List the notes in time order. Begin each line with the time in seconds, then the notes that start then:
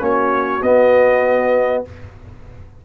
0.00 A#3 C#4 F#4 C#5
0.62 B3 D#5